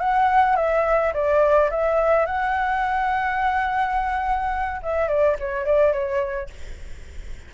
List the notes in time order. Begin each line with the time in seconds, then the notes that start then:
0.00 F#5
0.56 E5
1.13 D5
1.71 E5
2.26 F#5
4.82 E5
5.08 D5
5.39 C#5
5.65 D5
5.93 C#5